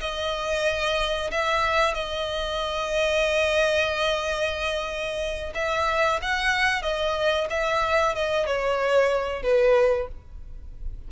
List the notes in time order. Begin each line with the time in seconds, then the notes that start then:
0.00 D#5
1.31 E5
1.94 D#5
5.55 E5
6.22 F#5
6.82 D#5
7.50 E5
8.15 D#5
8.46 C#5
9.42 B4